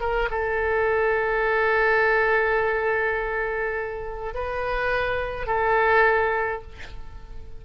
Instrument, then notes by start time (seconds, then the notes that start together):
oboe
0.00 A#4
0.30 A4
4.34 B4
5.47 A4